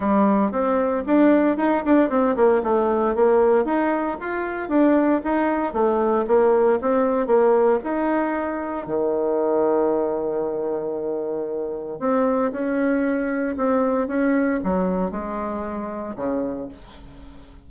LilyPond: \new Staff \with { instrumentName = "bassoon" } { \time 4/4 \tempo 4 = 115 g4 c'4 d'4 dis'8 d'8 | c'8 ais8 a4 ais4 dis'4 | f'4 d'4 dis'4 a4 | ais4 c'4 ais4 dis'4~ |
dis'4 dis2.~ | dis2. c'4 | cis'2 c'4 cis'4 | fis4 gis2 cis4 | }